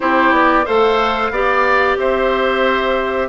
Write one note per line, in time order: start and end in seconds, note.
0.00 0.31 C4
0.00 0.64 E4
0.00 0.65 G4
0.00 0.33 C5
0.31 0.64 B3
0.31 0.65 D5
0.65 1.30 A3
0.65 1.32 A4
0.65 1.31 C5
0.65 1.97 F5
1.30 1.96 B3
1.30 3.28 G4
1.30 1.98 D5
1.97 3.28 C4
1.97 3.28 C5
1.97 3.28 E5